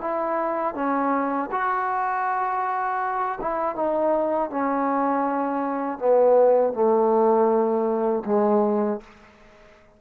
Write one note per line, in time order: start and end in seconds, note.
0.00 0.74 E4
0.74 1.49 C#4
1.51 3.39 F#4
3.40 3.75 E4
3.75 4.50 D#4
4.50 5.98 C#4
5.98 6.73 B3
6.73 8.23 A3
8.25 9.00 G#3